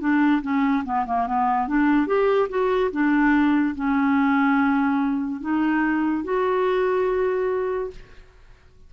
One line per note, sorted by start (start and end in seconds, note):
0.00 0.42 D4
0.42 0.84 C#4
0.85 1.06 B3
1.06 1.27 A#3
1.27 1.68 B3
1.68 2.07 D4
2.07 2.48 G4
2.49 2.91 F#4
2.92 3.75 D4
3.75 5.41 C#4
5.41 6.24 D#4
6.24 7.91 F#4